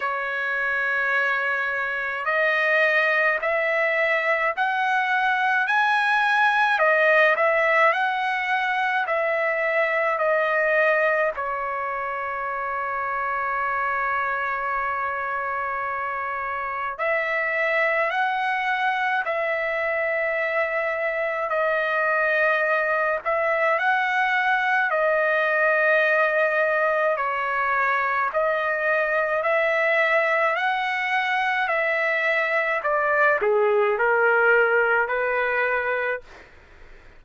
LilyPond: \new Staff \with { instrumentName = "trumpet" } { \time 4/4 \tempo 4 = 53 cis''2 dis''4 e''4 | fis''4 gis''4 dis''8 e''8 fis''4 | e''4 dis''4 cis''2~ | cis''2. e''4 |
fis''4 e''2 dis''4~ | dis''8 e''8 fis''4 dis''2 | cis''4 dis''4 e''4 fis''4 | e''4 d''8 gis'8 ais'4 b'4 | }